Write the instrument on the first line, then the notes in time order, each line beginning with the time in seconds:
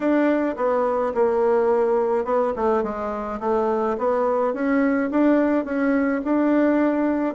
bassoon
0.00 D4
0.56 B3
1.14 A#3
2.24 B3
2.56 A3
2.83 G#3
3.40 A3
3.98 B3
4.53 C#4
5.10 D4
5.64 C#4
6.24 D4